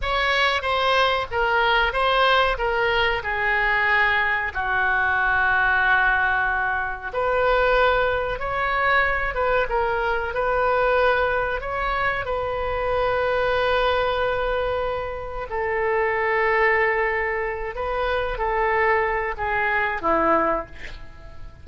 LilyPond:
\new Staff \with { instrumentName = "oboe" } { \time 4/4 \tempo 4 = 93 cis''4 c''4 ais'4 c''4 | ais'4 gis'2 fis'4~ | fis'2. b'4~ | b'4 cis''4. b'8 ais'4 |
b'2 cis''4 b'4~ | b'1 | a'2.~ a'8 b'8~ | b'8 a'4. gis'4 e'4 | }